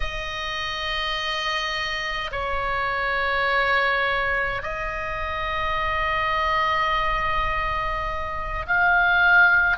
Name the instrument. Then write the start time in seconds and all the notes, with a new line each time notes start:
oboe
0.00 D#5
2.31 C#5
4.62 D#5
8.66 F5